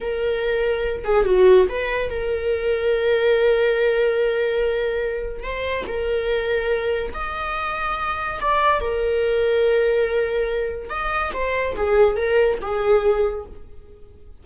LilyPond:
\new Staff \with { instrumentName = "viola" } { \time 4/4 \tempo 4 = 143 ais'2~ ais'8 gis'8 fis'4 | b'4 ais'2.~ | ais'1~ | ais'4 c''4 ais'2~ |
ais'4 dis''2. | d''4 ais'2.~ | ais'2 dis''4 c''4 | gis'4 ais'4 gis'2 | }